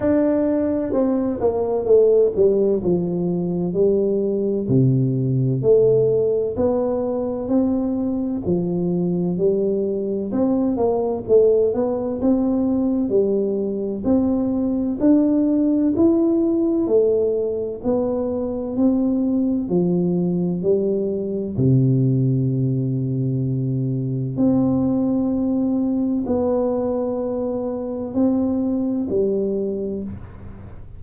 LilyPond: \new Staff \with { instrumentName = "tuba" } { \time 4/4 \tempo 4 = 64 d'4 c'8 ais8 a8 g8 f4 | g4 c4 a4 b4 | c'4 f4 g4 c'8 ais8 | a8 b8 c'4 g4 c'4 |
d'4 e'4 a4 b4 | c'4 f4 g4 c4~ | c2 c'2 | b2 c'4 g4 | }